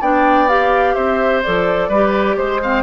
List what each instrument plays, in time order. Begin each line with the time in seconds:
0.00 bassoon B3, clarinet D4, oboe D5, flute G5
0.48 clarinet G4, flute F5
0.94 bassoon C4, oboe C5, flute E5
1.42 bassoon F3, clarinet A4, flute D5
1.88 bassoon G3, clarinet G4, oboe B4
2.36 bassoon G#3, oboe C5, flute C5
2.62 clarinet C4, oboe F5